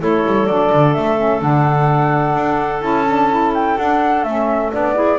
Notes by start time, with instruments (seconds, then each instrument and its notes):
0.00 double bass A3, saxophone E4, clarinet A4, flute C#5
0.26 double bass G3
0.47 double bass F#3, saxophone D4, flute D5
0.73 double bass D3
0.94 double bass A3, flute E5
1.18 saxophone C#4
1.41 double bass D3, saxophone D4, flute F#5
2.35 double bass D4
2.82 double bass C#4, saxophone E4, flute A5
3.08 saxophone D4
3.31 saxophone E4
3.55 flute G5
3.78 double bass D4, saxophone D4, flute F#5
4.24 double bass A3, saxophone C#4, flute E5
4.73 double bass B3, saxophone D4, flute D5
4.95 saxophone E4, clarinet G#4